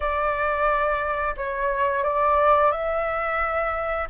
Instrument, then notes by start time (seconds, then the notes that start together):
flute
0.00 D5
1.36 C#5
2.03 D5
2.71 E5